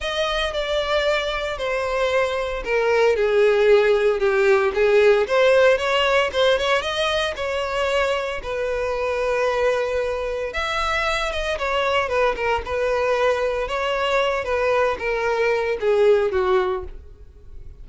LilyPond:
\new Staff \with { instrumentName = "violin" } { \time 4/4 \tempo 4 = 114 dis''4 d''2 c''4~ | c''4 ais'4 gis'2 | g'4 gis'4 c''4 cis''4 | c''8 cis''8 dis''4 cis''2 |
b'1 | e''4. dis''8 cis''4 b'8 ais'8 | b'2 cis''4. b'8~ | b'8 ais'4. gis'4 fis'4 | }